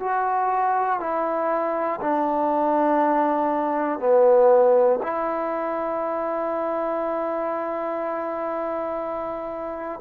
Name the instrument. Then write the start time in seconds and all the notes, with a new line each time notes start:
trombone
0.00 F#4
1.00 E4
2.01 D4
4.00 B3
5.02 E4